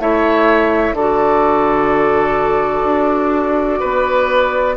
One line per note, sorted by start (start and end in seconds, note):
0.00 0.93 A3
0.00 0.95 E4
0.00 0.96 C#5
0.00 0.96 E5
0.93 2.83 D3
0.93 4.78 F#4
0.93 3.80 A4
0.93 4.78 D5
2.84 3.79 D4
3.80 4.78 B3
3.80 4.75 B4